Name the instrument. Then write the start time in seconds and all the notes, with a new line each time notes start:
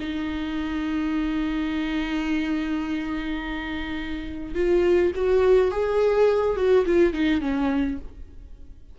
viola
0.00 D#4
4.55 F4
5.15 F#4
5.71 G#4
6.56 F#4
6.85 F4
7.13 D#4
7.41 C#4